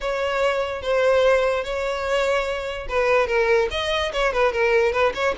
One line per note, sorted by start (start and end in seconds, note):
0.01 0.82 C#5
0.82 1.63 C5
1.63 2.87 C#5
2.89 3.27 B4
3.27 3.68 A#4
3.71 4.12 D#5
4.12 4.32 C#5
4.32 4.52 B4
4.52 4.92 A#4
4.92 5.13 B4
5.14 5.34 C#5